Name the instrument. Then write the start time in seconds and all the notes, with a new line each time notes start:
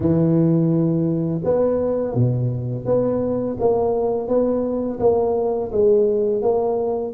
tuba
0.00 E3
1.44 B3
2.14 B2
2.85 B3
3.59 A#3
4.28 B3
4.99 A#3
5.71 G#3
6.42 A#3